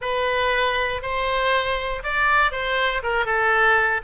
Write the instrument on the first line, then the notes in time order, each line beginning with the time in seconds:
oboe
0.01 B4
1.02 C5
2.03 D5
2.51 C5
3.03 A#4
3.25 A4